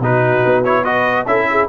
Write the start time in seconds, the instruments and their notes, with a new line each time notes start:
0.00 tuba B2, trombone D#4, horn F#4, trumpet B4
0.45 tuba B3
0.64 trombone E4, trumpet C#5
0.83 trombone F#4, horn B4, trumpet D#5
1.26 tuba C#4, trombone E4, horn A4, trumpet E5
1.51 horn G#4